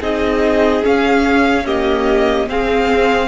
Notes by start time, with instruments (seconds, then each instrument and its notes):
0.00 cello C4, viola D#4, violin G#4 D#5
0.82 viola C#4, cello C#4, violin F5
1.65 viola A#3, violin G4 D#5
2.48 cello C4, viola C4, violin G#4 F5